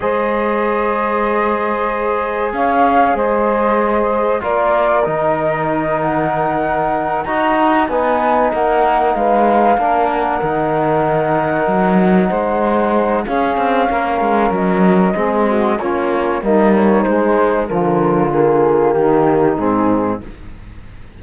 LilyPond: <<
  \new Staff \with { instrumentName = "flute" } { \time 4/4 \tempo 4 = 95 dis''1 | f''4 dis''2 d''4 | dis''4. fis''2 ais''8~ | ais''8 gis''4 fis''4 f''4. |
fis''1~ | fis''4 f''2 dis''4~ | dis''4 cis''4 dis''8 cis''8 c''4 | ais'4 gis'4 g'4 gis'4 | }
  \new Staff \with { instrumentName = "saxophone" } { \time 4/4 c''1 | cis''4 c''2 ais'4~ | ais'2.~ ais'8 dis''8~ | dis''8 b'4 ais'4 b'4 ais'8~ |
ais'2.~ ais'8 c''8~ | c''4 gis'4 ais'2 | gis'8 fis'8 f'4 dis'2 | f'2 dis'2 | }
  \new Staff \with { instrumentName = "trombone" } { \time 4/4 gis'1~ | gis'2. f'4 | dis'2.~ dis'8 fis'8~ | fis'8 dis'2. d'8~ |
d'8 dis'2.~ dis'8~ | dis'4 cis'2. | c'4 cis'4 ais4 gis4 | f4 ais2 c'4 | }
  \new Staff \with { instrumentName = "cello" } { \time 4/4 gis1 | cis'4 gis2 ais4 | dis2.~ dis8 dis'8~ | dis'8 b4 ais4 gis4 ais8~ |
ais8 dis2 fis4 gis8~ | gis4 cis'8 c'8 ais8 gis8 fis4 | gis4 ais4 g4 gis4 | d2 dis4 gis,4 | }
>>